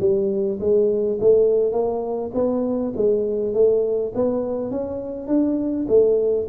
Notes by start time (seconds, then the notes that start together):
0.00 G3
0.60 G#3
1.21 A3
1.72 A#3
2.34 B3
2.96 G#3
3.54 A3
4.15 B3
4.71 C#4
5.28 D4
5.88 A3